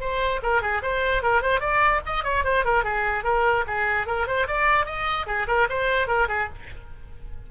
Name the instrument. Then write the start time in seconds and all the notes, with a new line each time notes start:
oboe
0.00 C5
0.42 A#4
0.61 G#4
0.82 C5
1.22 A#4
1.41 C5
1.60 D5
2.05 D#5
2.24 C#5
2.44 C5
2.64 A#4
2.84 G#4
3.24 A#4
3.67 G#4
4.07 A#4
4.27 C5
4.47 D5
4.86 D#5
5.26 G#4
5.47 A#4
5.69 C5
6.07 A#4
6.28 G#4